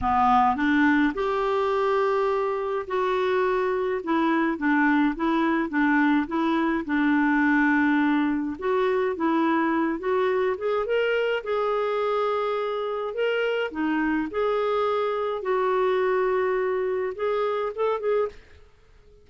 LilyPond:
\new Staff \with { instrumentName = "clarinet" } { \time 4/4 \tempo 4 = 105 b4 d'4 g'2~ | g'4 fis'2 e'4 | d'4 e'4 d'4 e'4 | d'2. fis'4 |
e'4. fis'4 gis'8 ais'4 | gis'2. ais'4 | dis'4 gis'2 fis'4~ | fis'2 gis'4 a'8 gis'8 | }